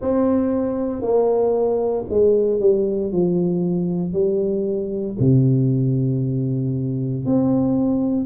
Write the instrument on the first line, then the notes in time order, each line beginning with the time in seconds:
tuba
0.01 C4
1.01 A#3
2.09 G#3
2.60 G3
3.11 F3
4.12 G3
5.19 C3
7.25 C4